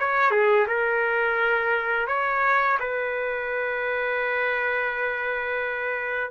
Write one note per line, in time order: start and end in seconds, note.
0.00 0.31 C#5
0.31 0.67 G#4
0.68 2.08 A#4
2.08 2.79 C#5
2.80 6.32 B4